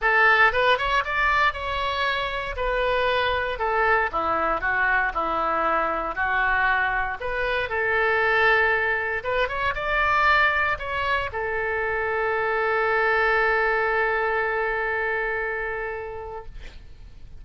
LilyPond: \new Staff \with { instrumentName = "oboe" } { \time 4/4 \tempo 4 = 117 a'4 b'8 cis''8 d''4 cis''4~ | cis''4 b'2 a'4 | e'4 fis'4 e'2 | fis'2 b'4 a'4~ |
a'2 b'8 cis''8 d''4~ | d''4 cis''4 a'2~ | a'1~ | a'1 | }